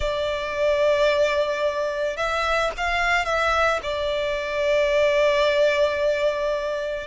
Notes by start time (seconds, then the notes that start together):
0.00 D5
2.16 E5
2.77 F5
3.25 E5
3.82 D5